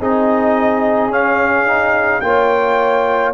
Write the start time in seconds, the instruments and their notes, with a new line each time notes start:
0.00 tuba C4, trombone D#4, horn G#4, trumpet D#5
1.08 tuba C#4, trombone C#4, trumpet F5
1.67 trombone D#4
2.21 tuba A#3, trombone F4, horn C#5, trumpet G5